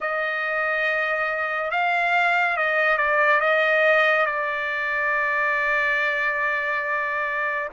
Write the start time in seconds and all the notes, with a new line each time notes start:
0.00 D#5
1.71 F5
2.56 D#5
2.97 D5
3.40 D#5
4.25 D5